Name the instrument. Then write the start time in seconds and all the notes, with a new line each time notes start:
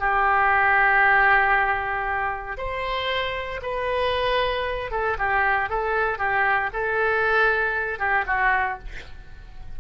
oboe
0.00 G4
2.57 C5
3.62 B4
4.91 A4
5.19 G4
5.70 A4
6.19 G4
6.73 A4
7.99 G4
8.27 F#4